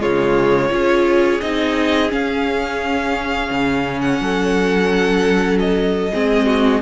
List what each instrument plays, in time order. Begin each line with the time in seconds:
0.00 cello C#3, viola G#3, violin F4 C#5
0.70 cello C#4, viola F4, violin G#4
1.41 cello C4, viola D#4, violin D#5
2.09 viola C#4, cello C#4, violin F5
3.51 cello C#3
4.01 violin F#5
4.20 cello F#3, violin A4
5.60 violin D#5
6.13 cello G#3, viola C4, violin G#4
6.46 violin F#4